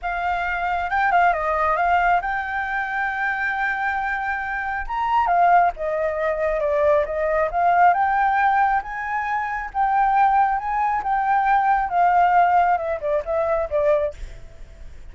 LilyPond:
\new Staff \with { instrumentName = "flute" } { \time 4/4 \tempo 4 = 136 f''2 g''8 f''8 dis''4 | f''4 g''2.~ | g''2. ais''4 | f''4 dis''2 d''4 |
dis''4 f''4 g''2 | gis''2 g''2 | gis''4 g''2 f''4~ | f''4 e''8 d''8 e''4 d''4 | }